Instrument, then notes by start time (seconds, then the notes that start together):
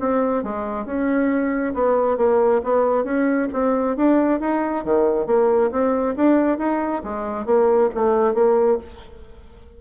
bassoon
0.00 C4
0.43 G#3
0.85 C#4
1.74 B3
2.17 A#3
2.64 B3
3.04 C#4
3.53 C4
3.96 D4
4.40 D#4
4.84 D#3
5.26 A#3
5.71 C4
6.16 D4
6.58 D#4
7.03 G#3
7.46 A#3
7.94 A3
8.34 A#3